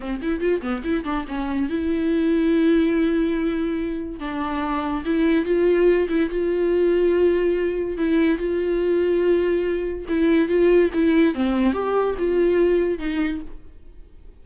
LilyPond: \new Staff \with { instrumentName = "viola" } { \time 4/4 \tempo 4 = 143 c'8 e'8 f'8 b8 e'8 d'8 cis'4 | e'1~ | e'2 d'2 | e'4 f'4. e'8 f'4~ |
f'2. e'4 | f'1 | e'4 f'4 e'4 c'4 | g'4 f'2 dis'4 | }